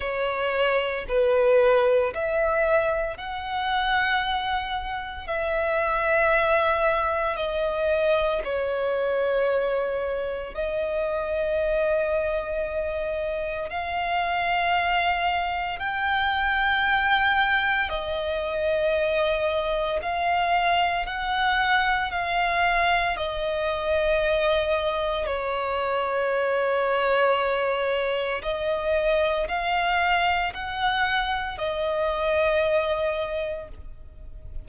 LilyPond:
\new Staff \with { instrumentName = "violin" } { \time 4/4 \tempo 4 = 57 cis''4 b'4 e''4 fis''4~ | fis''4 e''2 dis''4 | cis''2 dis''2~ | dis''4 f''2 g''4~ |
g''4 dis''2 f''4 | fis''4 f''4 dis''2 | cis''2. dis''4 | f''4 fis''4 dis''2 | }